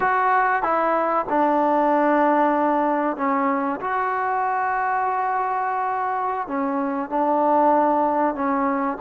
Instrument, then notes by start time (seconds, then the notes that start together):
trombone
0.00 F#4
0.62 E4
1.29 D4
3.16 C#4
3.80 F#4
6.47 C#4
7.09 D4
8.34 C#4